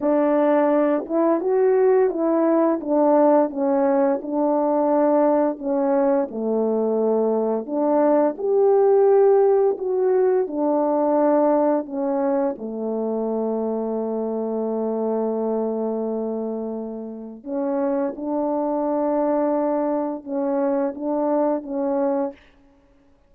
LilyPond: \new Staff \with { instrumentName = "horn" } { \time 4/4 \tempo 4 = 86 d'4. e'8 fis'4 e'4 | d'4 cis'4 d'2 | cis'4 a2 d'4 | g'2 fis'4 d'4~ |
d'4 cis'4 a2~ | a1~ | a4 cis'4 d'2~ | d'4 cis'4 d'4 cis'4 | }